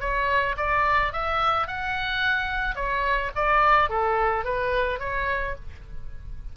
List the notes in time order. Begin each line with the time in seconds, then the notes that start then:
0.00 C#5
0.57 D5
1.12 E5
1.67 F#5
2.75 C#5
3.35 D5
3.89 A4
4.44 B4
4.99 C#5